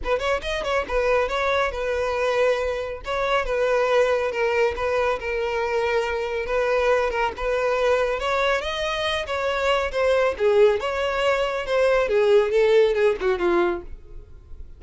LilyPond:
\new Staff \with { instrumentName = "violin" } { \time 4/4 \tempo 4 = 139 b'8 cis''8 dis''8 cis''8 b'4 cis''4 | b'2. cis''4 | b'2 ais'4 b'4 | ais'2. b'4~ |
b'8 ais'8 b'2 cis''4 | dis''4. cis''4. c''4 | gis'4 cis''2 c''4 | gis'4 a'4 gis'8 fis'8 f'4 | }